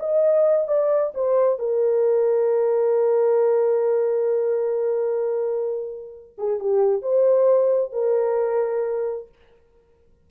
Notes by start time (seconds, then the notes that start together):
0.00 D#5
0.68 D5
1.15 C5
1.59 A#4
6.39 G#4
6.60 G4
7.03 C5
7.93 A#4